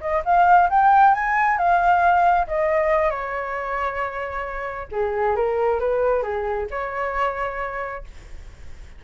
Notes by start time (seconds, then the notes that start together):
0.00 D#5
0.25 F5
0.69 G5
1.14 G#5
1.57 F5
2.47 D#5
3.10 C#5
4.91 G#4
5.36 A#4
5.79 B4
6.22 G#4
6.70 C#5